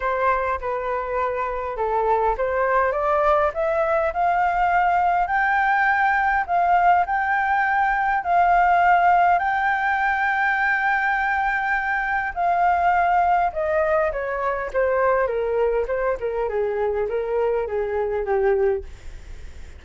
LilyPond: \new Staff \with { instrumentName = "flute" } { \time 4/4 \tempo 4 = 102 c''4 b'2 a'4 | c''4 d''4 e''4 f''4~ | f''4 g''2 f''4 | g''2 f''2 |
g''1~ | g''4 f''2 dis''4 | cis''4 c''4 ais'4 c''8 ais'8 | gis'4 ais'4 gis'4 g'4 | }